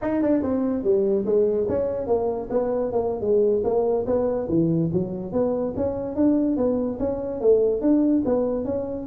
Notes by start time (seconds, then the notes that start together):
0.01 D#4
0.22 D4
0.42 C4
0.83 G3
1.25 G#3
1.68 C#4
2.07 A#3
2.50 B3
2.92 A#3
3.21 G#3
3.63 A#3
4.06 B3
4.48 E3
4.92 F#3
5.32 B3
5.76 C#4
6.15 D4
6.56 B3
6.99 C#4
7.40 A3
7.81 D4
8.25 B3
8.64 C#4